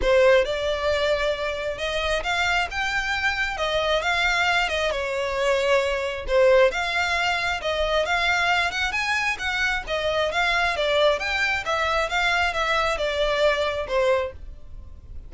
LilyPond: \new Staff \with { instrumentName = "violin" } { \time 4/4 \tempo 4 = 134 c''4 d''2. | dis''4 f''4 g''2 | dis''4 f''4. dis''8 cis''4~ | cis''2 c''4 f''4~ |
f''4 dis''4 f''4. fis''8 | gis''4 fis''4 dis''4 f''4 | d''4 g''4 e''4 f''4 | e''4 d''2 c''4 | }